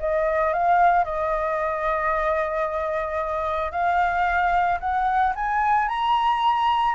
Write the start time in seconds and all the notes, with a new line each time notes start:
0.00 D#5
0.54 F5
1.05 D#5
3.72 F5
4.80 F#5
5.35 G#5
5.89 A#5